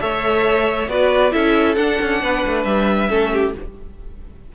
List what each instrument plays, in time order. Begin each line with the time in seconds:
0.00 cello A3, viola A4, violin C#5 E5
0.88 cello B3, viola F#4, violin B4 D5
1.31 cello C#4, viola E4, violin A4 E5
1.75 cello D4, viola D4, violin F#5
2.02 cello C#4
2.22 cello B3, violin B4
2.46 cello A3
2.64 cello G3, violin E5
3.09 cello A3, viola C#4, violin A4
3.33 violin G4